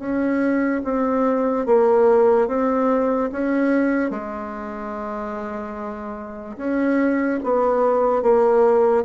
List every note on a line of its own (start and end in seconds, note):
0.00 0.82 C#4
0.84 1.67 C4
1.67 2.48 A#3
2.48 3.30 C4
3.33 4.11 C#4
4.11 6.58 G#3
6.58 7.40 C#4
7.44 8.23 B3
8.23 9.05 A#3